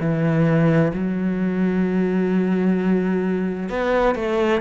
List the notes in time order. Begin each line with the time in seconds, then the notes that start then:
0.00 E3
0.94 F#3
3.70 B3
4.15 A3